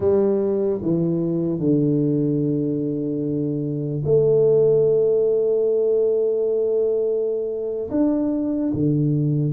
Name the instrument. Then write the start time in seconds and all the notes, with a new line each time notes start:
tuba
0.00 G3
0.81 E3
1.59 D3
4.04 A3
7.91 D4
8.73 D3